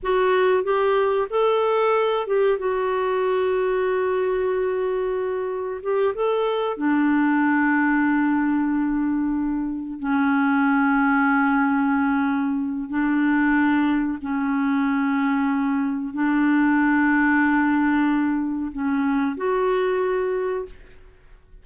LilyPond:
\new Staff \with { instrumentName = "clarinet" } { \time 4/4 \tempo 4 = 93 fis'4 g'4 a'4. g'8 | fis'1~ | fis'4 g'8 a'4 d'4.~ | d'2.~ d'8 cis'8~ |
cis'1 | d'2 cis'2~ | cis'4 d'2.~ | d'4 cis'4 fis'2 | }